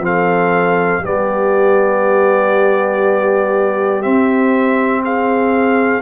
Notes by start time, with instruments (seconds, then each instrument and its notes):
0.00 tuba F3, trombone C4, horn A4, trumpet F5
1.02 tuba G3, trombone B3, horn G4, trumpet D5
4.02 trombone C4, tuba C4, trumpet E5
5.05 horn G#4, trumpet F5